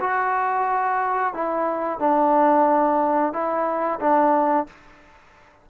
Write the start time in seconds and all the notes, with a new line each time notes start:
0.00 F#4
1.33 E4
1.99 D4
3.32 E4
4.00 D4